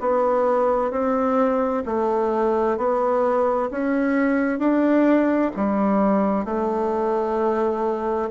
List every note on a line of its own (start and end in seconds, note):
0.00 0.91 B3
0.91 1.83 C4
1.85 2.77 A3
2.77 3.70 B3
3.71 4.59 C#4
4.59 5.51 D4
5.56 6.45 G3
6.45 8.30 A3